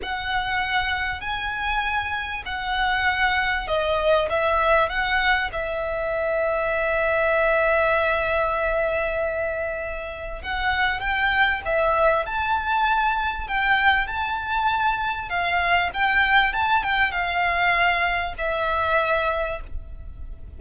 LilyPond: \new Staff \with { instrumentName = "violin" } { \time 4/4 \tempo 4 = 98 fis''2 gis''2 | fis''2 dis''4 e''4 | fis''4 e''2.~ | e''1~ |
e''4 fis''4 g''4 e''4 | a''2 g''4 a''4~ | a''4 f''4 g''4 a''8 g''8 | f''2 e''2 | }